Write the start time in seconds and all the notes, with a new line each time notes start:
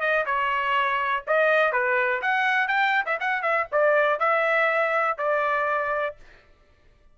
0.00 D#5
0.26 C#5
1.27 D#5
1.72 B4
2.22 F#5
2.67 G5
3.06 E5
3.20 F#5
3.42 E5
3.72 D5
4.19 E5
5.18 D5